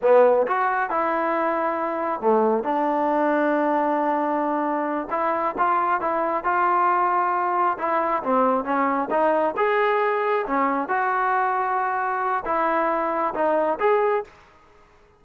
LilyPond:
\new Staff \with { instrumentName = "trombone" } { \time 4/4 \tempo 4 = 135 b4 fis'4 e'2~ | e'4 a4 d'2~ | d'2.~ d'8 e'8~ | e'8 f'4 e'4 f'4.~ |
f'4. e'4 c'4 cis'8~ | cis'8 dis'4 gis'2 cis'8~ | cis'8 fis'2.~ fis'8 | e'2 dis'4 gis'4 | }